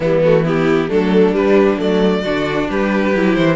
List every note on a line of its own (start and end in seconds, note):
0.00 0.89 E3
0.00 0.23 G3
0.00 0.44 B3
0.00 0.22 E4
0.23 0.44 A3
0.23 0.46 F#4
0.44 0.88 B3
0.44 0.89 E4
0.44 0.90 G4
0.88 1.32 F#3
0.88 1.32 A3
0.88 2.23 D4
0.88 1.34 A4
1.32 1.77 G3
1.32 1.79 B4
1.77 2.23 F#3
1.77 2.22 A3
1.77 2.69 D5
2.23 2.69 D3
2.23 3.14 D4
2.23 2.68 F#4
2.69 3.14 G3
2.69 3.55 G4
2.69 3.34 B4
3.14 3.36 F#3
3.14 3.55 E4
3.34 3.55 E3
3.34 3.55 C5